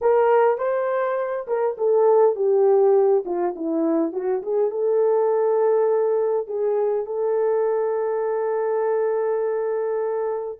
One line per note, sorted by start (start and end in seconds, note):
0.01 0.57 A#4
0.57 1.46 C5
1.47 1.76 A#4
1.77 2.35 A4
2.35 3.24 G4
3.25 3.54 F4
3.55 4.12 E4
4.12 4.41 F#4
4.42 4.70 G#4
4.70 6.47 A4
6.47 7.06 G#4
7.06 10.59 A4